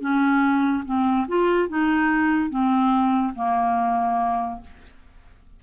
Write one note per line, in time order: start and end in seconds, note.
0.00 0.84 C#4
0.85 1.27 C4
1.28 1.69 F4
1.69 2.50 D#4
2.50 3.34 C4
3.35 4.61 A#3